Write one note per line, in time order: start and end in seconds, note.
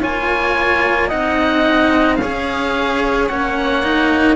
0.00 1.12 A#3
0.00 1.09 F4
0.00 1.07 C#5
0.00 1.09 G#5
1.07 2.21 C4
1.07 2.18 D#4
1.07 2.16 D#5
1.07 2.16 F#5
2.16 3.29 C#4
2.16 3.29 G#4
2.16 4.35 C#5
2.16 3.25 F5
3.27 4.35 A#3
3.27 3.83 C#4
3.27 4.35 F#5
3.83 4.35 D#4